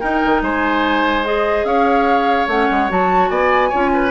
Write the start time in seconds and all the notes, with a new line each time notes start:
0.00 D#4 A#4 G5
0.25 D#3
0.42 G#3 C5 G#5
1.25 G#4 D#5
1.64 C#4 C#5 F5
2.48 A3 C#4 F#5
2.71 G#3
2.89 F#3 F#4 A5
3.30 B3 D5 G#5
3.69 C#4 F4 C#5
3.94 B4